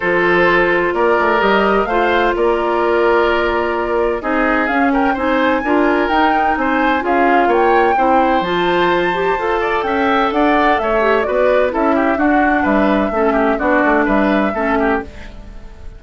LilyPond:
<<
  \new Staff \with { instrumentName = "flute" } { \time 4/4 \tempo 4 = 128 c''2 d''4 dis''4 | f''4 d''2.~ | d''4 dis''4 f''8 g''8 gis''4~ | gis''4 g''4 gis''4 f''4 |
g''2 a''2~ | a''4 g''4 fis''4 e''4 | d''4 e''4 fis''4 e''4~ | e''4 d''4 e''2 | }
  \new Staff \with { instrumentName = "oboe" } { \time 4/4 a'2 ais'2 | c''4 ais'2.~ | ais'4 gis'4. ais'8 c''4 | ais'2 c''4 gis'4 |
cis''4 c''2.~ | c''8 d''8 e''4 d''4 cis''4 | b'4 a'8 g'8 fis'4 b'4 | a'8 g'8 fis'4 b'4 a'8 g'8 | }
  \new Staff \with { instrumentName = "clarinet" } { \time 4/4 f'2. g'4 | f'1~ | f'4 dis'4 cis'4 dis'4 | f'4 dis'2 f'4~ |
f'4 e'4 f'4. g'8 | a'2.~ a'8 g'8 | fis'4 e'4 d'2 | cis'4 d'2 cis'4 | }
  \new Staff \with { instrumentName = "bassoon" } { \time 4/4 f2 ais8 a8 g4 | a4 ais2.~ | ais4 c'4 cis'4 c'4 | d'4 dis'4 c'4 cis'4 |
ais4 c'4 f2 | f'4 cis'4 d'4 a4 | b4 cis'4 d'4 g4 | a4 b8 a8 g4 a4 | }
>>